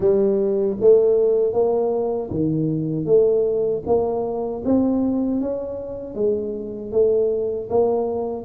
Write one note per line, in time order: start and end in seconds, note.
0.00 0.77 G3
0.80 1.52 A3
1.52 2.29 A#3
2.30 3.05 D#3
3.05 3.82 A3
3.86 4.63 A#3
4.65 5.40 C4
5.40 6.15 C#4
6.15 6.91 G#3
6.91 7.68 A3
7.69 8.44 A#3